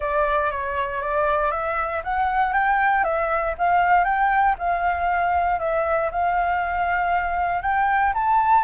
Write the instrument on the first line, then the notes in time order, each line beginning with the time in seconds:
flute
0.00 D5
0.51 C#5
1.01 D5
1.51 E5
2.03 F#5
2.53 G5
3.04 E5
3.57 F5
4.04 G5
4.58 F5
5.59 E5
6.11 F5
7.62 G5
8.14 A5